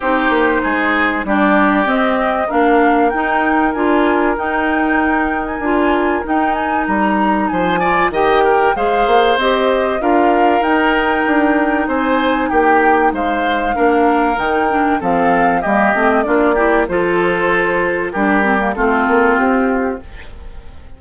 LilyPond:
<<
  \new Staff \with { instrumentName = "flute" } { \time 4/4 \tempo 4 = 96 c''2 d''4 dis''4 | f''4 g''4 gis''4 g''4~ | g''8. gis''4~ gis''16 g''8 gis''8 ais''4 | gis''4 g''4 f''4 dis''4 |
f''4 g''2 gis''4 | g''4 f''2 g''4 | f''4 dis''4 d''4 c''4~ | c''4 ais'4 a'4 g'4 | }
  \new Staff \with { instrumentName = "oboe" } { \time 4/4 g'4 gis'4 g'2 | ais'1~ | ais'1 | c''8 d''8 dis''8 ais'8 c''2 |
ais'2. c''4 | g'4 c''4 ais'2 | a'4 g'4 f'8 g'8 a'4~ | a'4 g'4 f'2 | }
  \new Staff \with { instrumentName = "clarinet" } { \time 4/4 dis'2 d'4 c'4 | d'4 dis'4 f'4 dis'4~ | dis'4 f'4 dis'2~ | dis'8 f'8 g'4 gis'4 g'4 |
f'4 dis'2.~ | dis'2 d'4 dis'8 d'8 | c'4 ais8 c'8 d'8 e'8 f'4~ | f'4 d'8 c'16 ais16 c'2 | }
  \new Staff \with { instrumentName = "bassoon" } { \time 4/4 c'8 ais8 gis4 g4 c'4 | ais4 dis'4 d'4 dis'4~ | dis'4 d'4 dis'4 g4 | f4 dis4 gis8 ais8 c'4 |
d'4 dis'4 d'4 c'4 | ais4 gis4 ais4 dis4 | f4 g8 a8 ais4 f4~ | f4 g4 a8 ais8 c'4 | }
>>